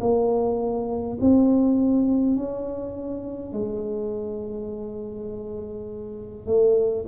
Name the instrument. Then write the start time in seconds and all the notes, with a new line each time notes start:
tuba
0.00 A#3
1.20 C4
2.36 C#4
3.52 G#3
6.46 A3